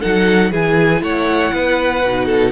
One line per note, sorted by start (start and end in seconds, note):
0.00 0.52 F#3
0.00 0.52 D#4
0.00 0.50 A4
0.00 0.52 F#5
0.51 1.02 E3
0.51 2.03 E4
0.51 1.01 G#4
0.51 1.03 G#5
1.02 1.52 A3
1.02 1.54 C#5
1.02 2.51 F#5
1.53 2.03 B3
1.53 2.26 B4
2.04 2.51 B2
2.04 2.51 D#4
2.26 2.51 A4